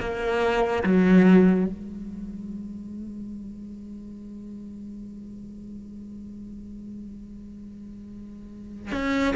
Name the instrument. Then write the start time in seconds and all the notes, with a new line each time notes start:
cello
0.00 A#3
0.84 F#3
1.67 G#3
8.92 C#4